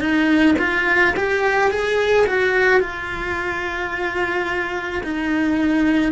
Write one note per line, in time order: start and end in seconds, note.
0.00 0.56 D#4
0.59 1.14 F4
1.17 1.71 G4
1.71 2.26 G#4
2.27 2.80 F#4
2.80 5.03 F4
5.04 6.12 D#4